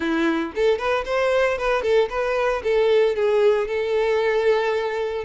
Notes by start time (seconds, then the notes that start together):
0.00 E4
0.55 A4
0.78 B4
1.05 C5
1.58 B4
1.82 A4
2.09 B4
2.63 A4
3.15 G#4
3.67 A4